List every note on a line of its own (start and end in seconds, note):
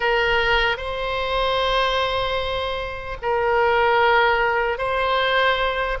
0.00 0.77 A#4
0.77 3.17 C5
3.21 4.77 A#4
4.77 5.97 C5